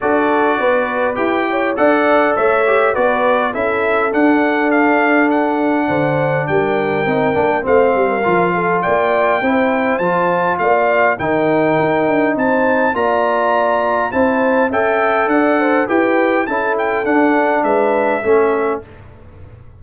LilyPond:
<<
  \new Staff \with { instrumentName = "trumpet" } { \time 4/4 \tempo 4 = 102 d''2 g''4 fis''4 | e''4 d''4 e''4 fis''4 | f''4 fis''2 g''4~ | g''4 f''2 g''4~ |
g''4 a''4 f''4 g''4~ | g''4 a''4 ais''2 | a''4 g''4 fis''4 g''4 | a''8 g''8 fis''4 e''2 | }
  \new Staff \with { instrumentName = "horn" } { \time 4/4 a'4 b'4. cis''8 d''4 | cis''4 b'4 a'2~ | a'2 c''4 ais'4~ | ais'4 c''8. ais'8. a'8 d''4 |
c''2 d''4 ais'4~ | ais'4 c''4 d''2 | c''4 e''4 d''8 c''8 b'4 | a'2 b'4 a'4 | }
  \new Staff \with { instrumentName = "trombone" } { \time 4/4 fis'2 g'4 a'4~ | a'8 g'8 fis'4 e'4 d'4~ | d'1 | dis'8 d'8 c'4 f'2 |
e'4 f'2 dis'4~ | dis'2 f'2 | e'4 a'2 g'4 | e'4 d'2 cis'4 | }
  \new Staff \with { instrumentName = "tuba" } { \time 4/4 d'4 b4 e'4 d'4 | a4 b4 cis'4 d'4~ | d'2 d4 g4 | c'8 ais8 a8 g8 f4 ais4 |
c'4 f4 ais4 dis4 | dis'8 d'8 c'4 ais2 | c'4 cis'4 d'4 e'4 | cis'4 d'4 gis4 a4 | }
>>